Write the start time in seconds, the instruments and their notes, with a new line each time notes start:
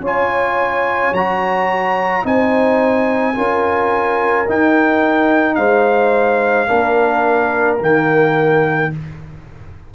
0.00 tuba C#4, trombone F4, horn C#5
0.06 trumpet G#5
1.12 tuba F#3, trombone F#4, trumpet A#5
2.23 tuba C4, trombone D#4, horn C5, trumpet G#5
3.34 tuba C#4, trombone F4, horn A#4
4.48 trombone D#4, tuba D#4, trumpet G5
5.55 tuba G#3, horn C5, trumpet F5
6.67 tuba A#3, trombone D4, horn A#4
7.80 tuba D#3, trombone A#3, trumpet G5